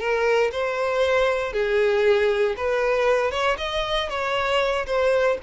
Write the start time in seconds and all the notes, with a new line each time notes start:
0.00 A#4
0.52 C5
1.53 G#4
2.57 B4
3.32 C#5
3.58 D#5
4.10 C#5
4.87 C5